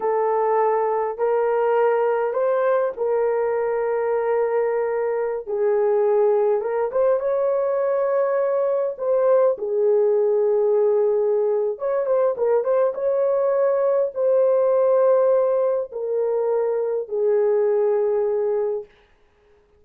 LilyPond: \new Staff \with { instrumentName = "horn" } { \time 4/4 \tempo 4 = 102 a'2 ais'2 | c''4 ais'2.~ | ais'4~ ais'16 gis'2 ais'8 c''16~ | c''16 cis''2. c''8.~ |
c''16 gis'2.~ gis'8. | cis''8 c''8 ais'8 c''8 cis''2 | c''2. ais'4~ | ais'4 gis'2. | }